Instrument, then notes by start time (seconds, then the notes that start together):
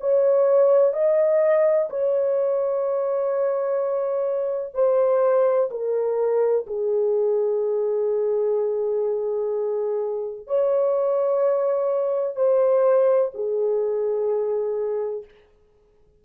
horn
0.00 C#5
0.94 D#5
1.90 C#5
4.74 C5
5.71 A#4
6.67 G#4
10.47 C#5
12.36 C5
13.34 G#4